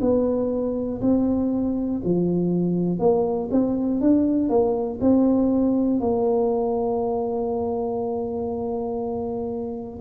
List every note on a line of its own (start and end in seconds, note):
0.00 1.00 B3
1.00 2.00 C4
2.04 2.99 F3
2.99 3.49 A#3
3.50 4.00 C4
4.00 4.49 D4
4.49 4.99 A#3
5.00 6.00 C4
6.00 10.00 A#3